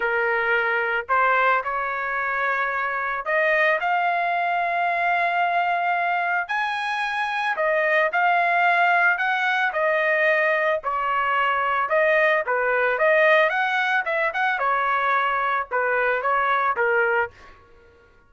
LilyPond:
\new Staff \with { instrumentName = "trumpet" } { \time 4/4 \tempo 4 = 111 ais'2 c''4 cis''4~ | cis''2 dis''4 f''4~ | f''1 | gis''2 dis''4 f''4~ |
f''4 fis''4 dis''2 | cis''2 dis''4 b'4 | dis''4 fis''4 e''8 fis''8 cis''4~ | cis''4 b'4 cis''4 ais'4 | }